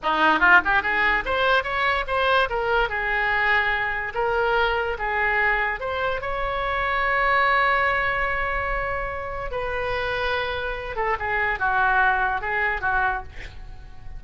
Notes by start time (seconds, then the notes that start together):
0.02 D#4
0.39 F4
0.65 G4
0.82 G#4
1.25 C5
1.63 C#5
2.07 C5
2.49 A#4
2.89 G#4
4.14 A#4
4.98 G#4
5.79 C5
6.21 C#5
9.51 B4
10.96 A4
11.19 G#4
11.59 F#4
12.41 G#4
12.81 F#4